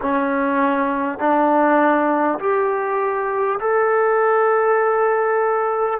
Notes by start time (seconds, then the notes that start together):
0.01 C#4
1.18 D4
2.39 G4
3.59 A4